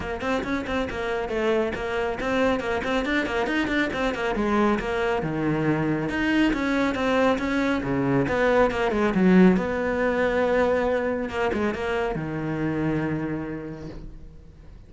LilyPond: \new Staff \with { instrumentName = "cello" } { \time 4/4 \tempo 4 = 138 ais8 c'8 cis'8 c'8 ais4 a4 | ais4 c'4 ais8 c'8 d'8 ais8 | dis'8 d'8 c'8 ais8 gis4 ais4 | dis2 dis'4 cis'4 |
c'4 cis'4 cis4 b4 | ais8 gis8 fis4 b2~ | b2 ais8 gis8 ais4 | dis1 | }